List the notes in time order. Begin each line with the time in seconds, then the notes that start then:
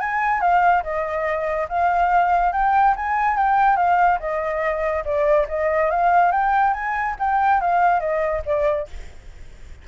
0.00 G#5
0.41 F5
0.83 D#5
1.69 F5
2.52 G5
2.96 G#5
3.37 G5
3.76 F5
4.20 D#5
5.05 D5
5.49 D#5
5.90 F5
6.32 G5
6.74 G#5
7.19 G5
7.61 F5
8.00 D#5
8.45 D5